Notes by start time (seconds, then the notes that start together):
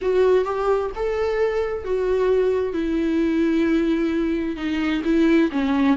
0.01 F#4
0.44 G4
0.95 A4
1.84 F#4
2.73 E4
4.56 D#4
5.04 E4
5.51 C#4